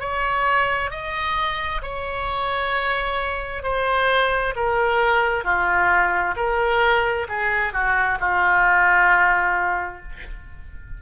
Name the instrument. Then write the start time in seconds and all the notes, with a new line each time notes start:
oboe
0.00 C#5
0.90 D#5
1.82 C#5
3.63 C5
4.55 A#4
5.44 F4
6.36 A#4
7.29 G#4
7.73 F#4
8.20 F4